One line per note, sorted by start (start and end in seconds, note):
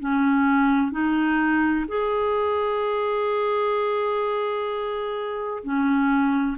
0.00 0.92 C#4
0.92 1.85 D#4
1.88 5.63 G#4
5.64 6.58 C#4